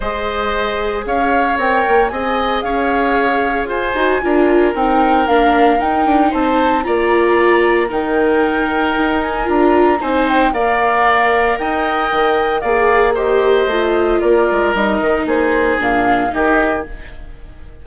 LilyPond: <<
  \new Staff \with { instrumentName = "flute" } { \time 4/4 \tempo 4 = 114 dis''2 f''4 g''4 | gis''4 f''2 gis''4~ | gis''4 g''4 f''4 g''4 | a''4 ais''2 g''4~ |
g''4. gis''8 ais''4 gis''8 g''8 | f''2 g''2 | f''4 dis''2 d''4 | dis''4 c''4 f''4 dis''4 | }
  \new Staff \with { instrumentName = "oboe" } { \time 4/4 c''2 cis''2 | dis''4 cis''2 c''4 | ais'1 | c''4 d''2 ais'4~ |
ais'2. c''4 | d''2 dis''2 | d''4 c''2 ais'4~ | ais'4 gis'2 g'4 | }
  \new Staff \with { instrumentName = "viola" } { \time 4/4 gis'2. ais'4 | gis'2.~ gis'8 fis'8 | f'4 dis'4 d'4 dis'4~ | dis'4 f'2 dis'4~ |
dis'2 f'4 dis'4 | ais'1 | gis'4 g'4 f'2 | dis'2 d'4 dis'4 | }
  \new Staff \with { instrumentName = "bassoon" } { \time 4/4 gis2 cis'4 c'8 ais8 | c'4 cis'2 f'8 dis'8 | d'4 c'4 ais4 dis'8 d'8 | c'4 ais2 dis4~ |
dis4 dis'4 d'4 c'4 | ais2 dis'4 dis4 | ais2 a4 ais8 gis8 | g8 dis8 ais4 ais,4 dis4 | }
>>